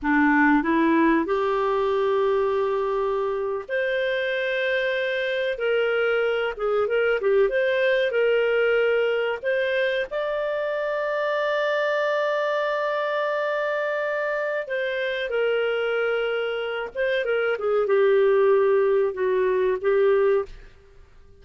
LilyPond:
\new Staff \with { instrumentName = "clarinet" } { \time 4/4 \tempo 4 = 94 d'4 e'4 g'2~ | g'4.~ g'16 c''2~ c''16~ | c''8. ais'4. gis'8 ais'8 g'8 c''16~ | c''8. ais'2 c''4 d''16~ |
d''1~ | d''2. c''4 | ais'2~ ais'8 c''8 ais'8 gis'8 | g'2 fis'4 g'4 | }